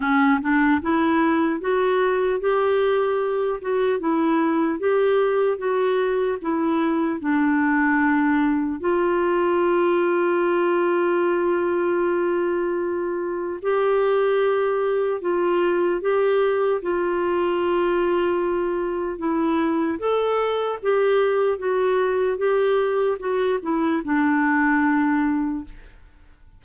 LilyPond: \new Staff \with { instrumentName = "clarinet" } { \time 4/4 \tempo 4 = 75 cis'8 d'8 e'4 fis'4 g'4~ | g'8 fis'8 e'4 g'4 fis'4 | e'4 d'2 f'4~ | f'1~ |
f'4 g'2 f'4 | g'4 f'2. | e'4 a'4 g'4 fis'4 | g'4 fis'8 e'8 d'2 | }